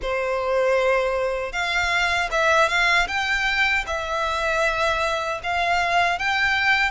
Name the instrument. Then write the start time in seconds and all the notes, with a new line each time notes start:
violin
0.02 C5
1.52 F5
2.31 E5
2.68 F5
3.07 G5
3.86 E5
5.43 F5
6.18 G5